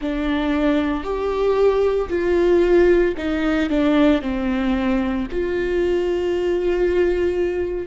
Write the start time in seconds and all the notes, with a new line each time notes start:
0.01 D4
1.03 G4
2.09 F4
3.17 D#4
3.69 D4
4.21 C4
5.31 F4